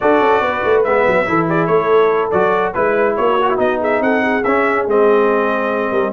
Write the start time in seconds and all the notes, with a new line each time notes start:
0.00 D4 F#4 A4 D5
0.20 C#4
0.40 B3 B4
0.64 A3
0.83 G#3 B3 E5
1.07 F#3
1.26 E3 E4 A4
1.48 G#4 D5
1.66 A3 A4 C#5
2.31 F#3 F#4 D5
2.73 G#3 E4 B4
3.16 A#3 F#4 C#5
3.41 F#4
3.49 E4
3.57 B3 D#4 D#5
3.80 G#4 E5
4.00 C4 A4 F#5
4.22 G#4
4.43 C#4 E5
4.87 G#3 C4 D#5
5.90 G3 A#4